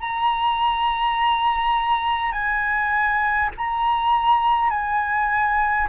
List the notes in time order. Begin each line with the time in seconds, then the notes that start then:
0.00 A#5
2.32 G#5
3.57 A#5
4.70 G#5